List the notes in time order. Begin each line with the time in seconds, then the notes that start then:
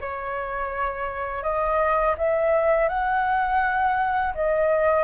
0.00 C#5
1.43 D#5
2.18 E5
2.88 F#5
4.34 D#5